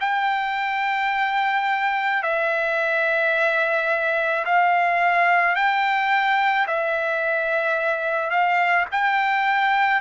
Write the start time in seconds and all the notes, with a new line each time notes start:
0.00 G5
2.22 E5
4.45 F5
5.55 G5
6.67 E5
8.30 F5
8.91 G5